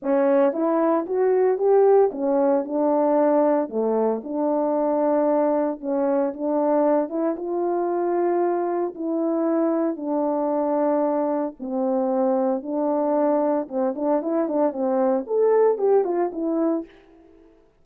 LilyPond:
\new Staff \with { instrumentName = "horn" } { \time 4/4 \tempo 4 = 114 cis'4 e'4 fis'4 g'4 | cis'4 d'2 a4 | d'2. cis'4 | d'4. e'8 f'2~ |
f'4 e'2 d'4~ | d'2 c'2 | d'2 c'8 d'8 e'8 d'8 | c'4 a'4 g'8 f'8 e'4 | }